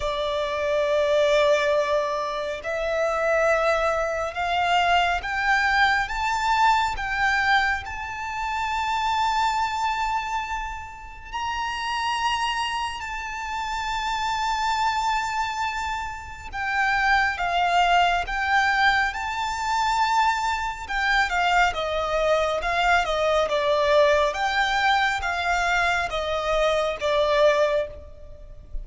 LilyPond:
\new Staff \with { instrumentName = "violin" } { \time 4/4 \tempo 4 = 69 d''2. e''4~ | e''4 f''4 g''4 a''4 | g''4 a''2.~ | a''4 ais''2 a''4~ |
a''2. g''4 | f''4 g''4 a''2 | g''8 f''8 dis''4 f''8 dis''8 d''4 | g''4 f''4 dis''4 d''4 | }